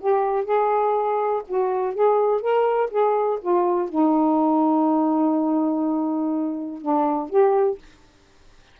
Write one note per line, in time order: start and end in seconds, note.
0.00 0.45 G4
0.45 1.42 G#4
1.48 1.94 F#4
1.94 2.41 G#4
2.41 2.90 A#4
2.90 3.39 G#4
3.41 3.89 F4
3.89 6.82 D#4
6.82 7.30 D4
7.30 7.78 G4